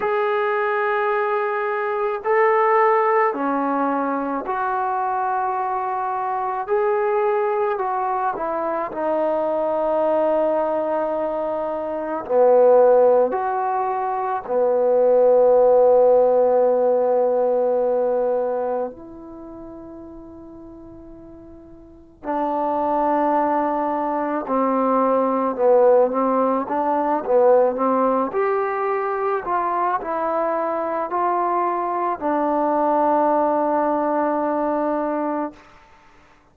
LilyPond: \new Staff \with { instrumentName = "trombone" } { \time 4/4 \tempo 4 = 54 gis'2 a'4 cis'4 | fis'2 gis'4 fis'8 e'8 | dis'2. b4 | fis'4 b2.~ |
b4 e'2. | d'2 c'4 b8 c'8 | d'8 b8 c'8 g'4 f'8 e'4 | f'4 d'2. | }